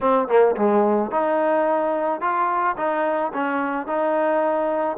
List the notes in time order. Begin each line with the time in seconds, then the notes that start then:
0.00 C4
0.28 A#3
0.56 G#3
1.11 D#4
2.20 F4
2.77 D#4
3.33 C#4
3.86 D#4